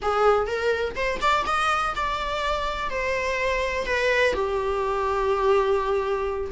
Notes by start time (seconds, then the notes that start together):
0.01 G#4
0.46 A#4
0.95 C5
1.21 D5
1.46 D#5
1.95 D5
2.90 C5
3.86 B4
4.33 G4